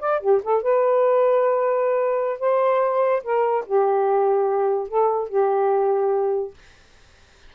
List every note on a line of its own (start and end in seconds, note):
0.00 0.21 D5
0.21 0.42 G4
0.44 0.63 A4
0.63 2.40 B4
2.40 3.23 C5
3.24 3.66 A#4
3.67 4.88 G4
4.88 5.29 A4
5.29 6.54 G4